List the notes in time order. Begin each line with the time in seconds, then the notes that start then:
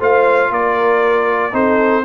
0.00 A3 F4 C5 F5
0.50 A#3 A#4 D5
1.52 C4 D#4 A4 C5